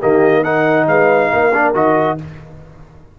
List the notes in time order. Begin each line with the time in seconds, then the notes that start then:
0.00 D#3 A#3 G4 D#5
0.44 D#4 A#4 F#5
0.87 G#3 B4 F5
1.33 A#3 A#4
1.54 D4
1.74 D#3 F#4 D#5